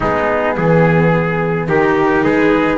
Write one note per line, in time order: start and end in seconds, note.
0.00 0.57 G#3
0.00 1.67 B3
0.00 0.56 D#4
0.00 1.67 G#4
0.56 1.69 E3
0.56 1.68 G#4
1.67 2.24 D#3
1.67 2.77 D#4
1.67 2.24 G4
1.67 2.23 A#4
2.23 2.77 G#3
2.23 2.77 G#4
2.23 2.77 B4